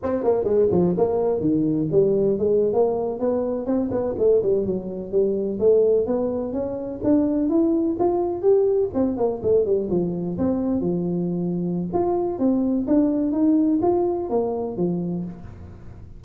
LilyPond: \new Staff \with { instrumentName = "tuba" } { \time 4/4 \tempo 4 = 126 c'8 ais8 gis8 f8 ais4 dis4 | g4 gis8. ais4 b4 c'16~ | c'16 b8 a8 g8 fis4 g4 a16~ | a8. b4 cis'4 d'4 e'16~ |
e'8. f'4 g'4 c'8 ais8 a16~ | a16 g8 f4 c'4 f4~ f16~ | f4 f'4 c'4 d'4 | dis'4 f'4 ais4 f4 | }